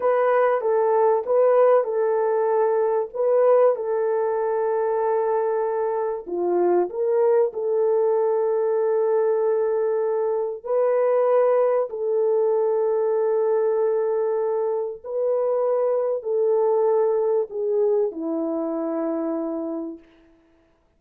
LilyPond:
\new Staff \with { instrumentName = "horn" } { \time 4/4 \tempo 4 = 96 b'4 a'4 b'4 a'4~ | a'4 b'4 a'2~ | a'2 f'4 ais'4 | a'1~ |
a'4 b'2 a'4~ | a'1 | b'2 a'2 | gis'4 e'2. | }